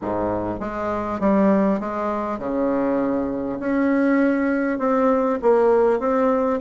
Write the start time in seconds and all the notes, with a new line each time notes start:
0.01 G#2
0.59 G#3
1.19 G3
1.79 G#3
2.38 C#3
3.59 C#4
4.78 C4
5.41 A#3
5.99 C4